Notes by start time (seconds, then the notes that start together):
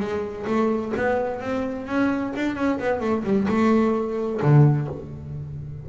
0.00 G#3
0.47 A3
0.97 B3
1.41 C4
1.87 C#4
2.36 D4
2.56 C#4
2.79 B3
3.01 A3
3.24 G3
3.49 A3
4.42 D3